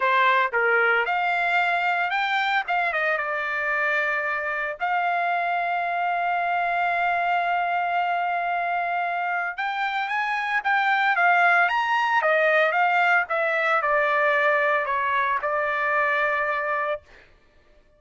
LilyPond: \new Staff \with { instrumentName = "trumpet" } { \time 4/4 \tempo 4 = 113 c''4 ais'4 f''2 | g''4 f''8 dis''8 d''2~ | d''4 f''2.~ | f''1~ |
f''2 g''4 gis''4 | g''4 f''4 ais''4 dis''4 | f''4 e''4 d''2 | cis''4 d''2. | }